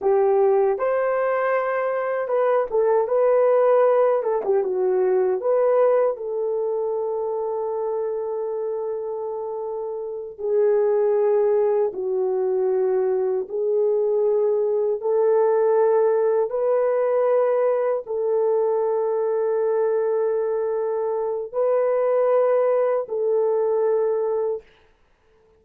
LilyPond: \new Staff \with { instrumentName = "horn" } { \time 4/4 \tempo 4 = 78 g'4 c''2 b'8 a'8 | b'4. a'16 g'16 fis'4 b'4 | a'1~ | a'4. gis'2 fis'8~ |
fis'4. gis'2 a'8~ | a'4. b'2 a'8~ | a'1 | b'2 a'2 | }